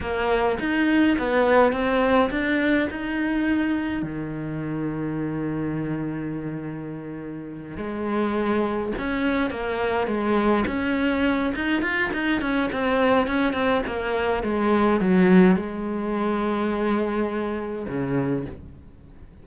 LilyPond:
\new Staff \with { instrumentName = "cello" } { \time 4/4 \tempo 4 = 104 ais4 dis'4 b4 c'4 | d'4 dis'2 dis4~ | dis1~ | dis4. gis2 cis'8~ |
cis'8 ais4 gis4 cis'4. | dis'8 f'8 dis'8 cis'8 c'4 cis'8 c'8 | ais4 gis4 fis4 gis4~ | gis2. cis4 | }